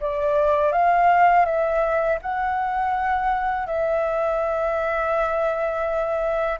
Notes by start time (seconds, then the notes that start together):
0.00 D5
0.72 F5
1.45 E5
2.22 F#5
3.66 E5